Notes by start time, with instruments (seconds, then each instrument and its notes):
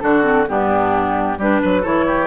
0.00 bassoon D3, clarinet D4, oboe F#4, flute A4
0.23 clarinet C4
0.48 bassoon G2, clarinet B3, oboe D4, flute G4
1.38 bassoon G3, clarinet D4, oboe G4, flute B4
1.61 bassoon F#3, oboe B4
1.82 bassoon E3, clarinet E4, oboe A4, flute C#5
2.07 oboe G4